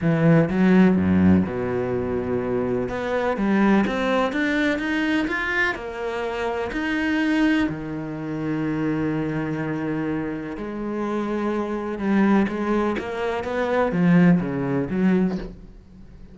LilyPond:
\new Staff \with { instrumentName = "cello" } { \time 4/4 \tempo 4 = 125 e4 fis4 fis,4 b,4~ | b,2 b4 g4 | c'4 d'4 dis'4 f'4 | ais2 dis'2 |
dis1~ | dis2 gis2~ | gis4 g4 gis4 ais4 | b4 f4 cis4 fis4 | }